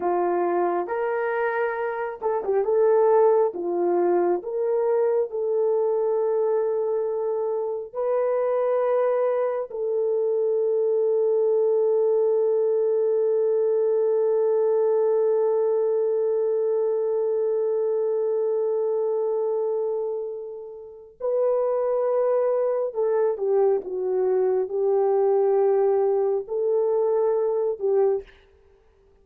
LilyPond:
\new Staff \with { instrumentName = "horn" } { \time 4/4 \tempo 4 = 68 f'4 ais'4. a'16 g'16 a'4 | f'4 ais'4 a'2~ | a'4 b'2 a'4~ | a'1~ |
a'1~ | a'1 | b'2 a'8 g'8 fis'4 | g'2 a'4. g'8 | }